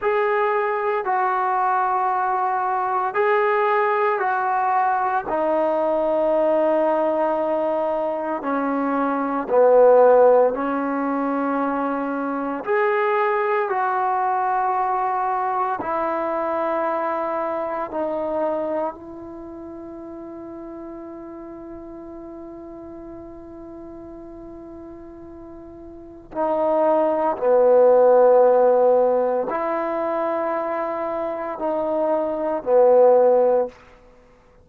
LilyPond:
\new Staff \with { instrumentName = "trombone" } { \time 4/4 \tempo 4 = 57 gis'4 fis'2 gis'4 | fis'4 dis'2. | cis'4 b4 cis'2 | gis'4 fis'2 e'4~ |
e'4 dis'4 e'2~ | e'1~ | e'4 dis'4 b2 | e'2 dis'4 b4 | }